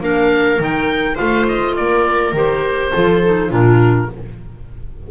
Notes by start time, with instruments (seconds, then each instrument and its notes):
0.00 double bass A#3, clarinet D4, viola A#4, oboe F5
0.58 double bass D#3, clarinet D#4, oboe G5
1.14 double bass A3, clarinet F4, viola C5, oboe F5
1.48 oboe D#5
1.75 double bass A#3, viola A#4, oboe D5
2.32 double bass D#3, clarinet G4, oboe C5
2.92 double bass F3, clarinet F4, viola A4
3.23 clarinet D#4
3.49 double bass A#2, clarinet D4, viola F4, oboe A#4